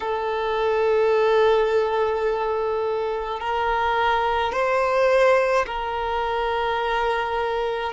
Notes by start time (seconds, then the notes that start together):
0.00 A4
3.40 A#4
4.52 C5
5.66 A#4